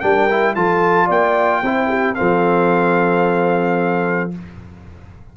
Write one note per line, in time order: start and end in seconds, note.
0.00 0.56 G3
0.00 0.29 D4
0.00 0.55 A#4
0.00 0.54 G5
0.30 0.56 E4
0.55 1.09 F3
0.55 1.64 F4
0.55 1.06 A4
0.55 1.09 A5
1.06 1.62 A#3
1.06 1.60 D5
1.06 2.14 G5
1.62 2.16 C4
1.62 2.15 E4
1.62 1.88 C5
1.88 2.15 G4
2.14 4.36 F3
2.14 4.31 C4
2.14 4.34 A4
2.14 4.31 F5